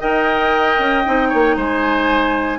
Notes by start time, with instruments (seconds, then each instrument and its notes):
0.00 bassoon D#4, clarinet A#4, oboe D#5, flute G5
0.78 bassoon C#4
1.05 bassoon C4, clarinet D#4
1.29 bassoon A#3, oboe C#5
1.56 bassoon G#3, oboe C5, flute G#5